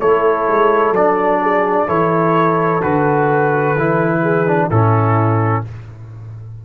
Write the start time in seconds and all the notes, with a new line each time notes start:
0.00 A3 E4 A4 C#5
0.48 G#3
0.91 F#3 D4 D5
1.42 G#4
1.87 E3 E4 A4 C#5
2.82 D3 F#4 B4
3.76 E3 E4
4.22 G#4
4.47 D4
4.70 A2 C#4 E4 A4